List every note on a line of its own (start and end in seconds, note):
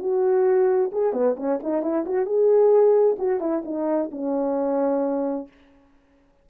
0.00 0.91 F#4
0.93 1.14 G#4
1.14 1.36 B3
1.37 1.60 C#4
1.63 1.83 D#4
1.83 2.06 E4
2.07 2.26 F#4
2.26 3.17 G#4
3.19 3.41 F#4
3.41 3.64 E4
3.65 4.11 D#4
4.12 5.48 C#4